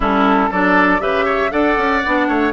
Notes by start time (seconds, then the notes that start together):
0.00 G3 C#4 E4 A4
0.51 F#3 D4 A4 D5
0.99 C#3 G4 B4 E5
1.25 C#5
1.50 D4 A4 D5 F#5
1.77 C#4
2.06 B3 D4
2.28 A3 C#5